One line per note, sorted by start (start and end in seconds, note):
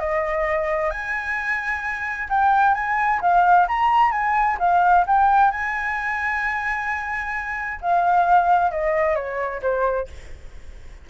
0.00 0.91 D#5
0.91 2.28 G#5
2.30 2.75 G5
2.75 3.21 G#5
3.21 3.67 F5
3.68 4.12 A#5
4.12 4.58 G#5
4.60 5.06 F5
5.07 5.51 G5
5.51 7.80 G#5
7.82 8.71 F5
8.71 9.16 D#5
9.16 9.62 C#5
9.62 10.08 C5